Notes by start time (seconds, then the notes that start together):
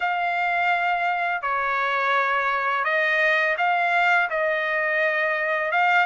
0.00 F5
1.42 C#5
2.84 D#5
3.57 F5
4.30 D#5
5.71 F5